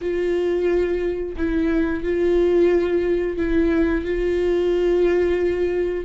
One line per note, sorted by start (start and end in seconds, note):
0.01 1.36 F4
1.36 2.03 E4
2.03 3.37 F4
3.37 4.04 E4
4.04 6.04 F4